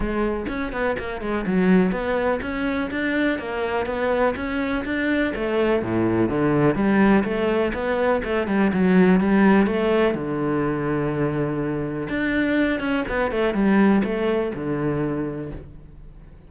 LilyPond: \new Staff \with { instrumentName = "cello" } { \time 4/4 \tempo 4 = 124 gis4 cis'8 b8 ais8 gis8 fis4 | b4 cis'4 d'4 ais4 | b4 cis'4 d'4 a4 | a,4 d4 g4 a4 |
b4 a8 g8 fis4 g4 | a4 d2.~ | d4 d'4. cis'8 b8 a8 | g4 a4 d2 | }